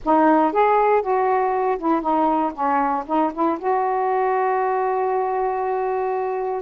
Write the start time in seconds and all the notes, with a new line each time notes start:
0.04 D#4
0.52 G#4
1.01 F#4
1.78 E4
2.01 D#4
2.53 C#4
3.06 D#4
3.33 E4
3.58 F#4